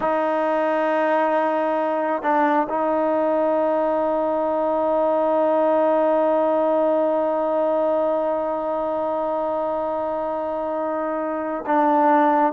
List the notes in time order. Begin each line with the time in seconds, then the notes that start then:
0.00 D#4
2.22 D4
2.69 D#4
11.66 D4